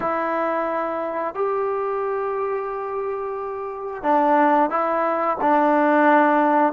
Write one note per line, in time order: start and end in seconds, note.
0.00 1.34 E4
1.34 4.02 G4
4.02 4.69 D4
4.69 5.37 E4
5.41 6.73 D4